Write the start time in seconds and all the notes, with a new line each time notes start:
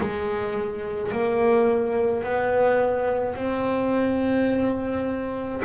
0.00 G#3
1.12 A#3
2.23 B3
3.36 C4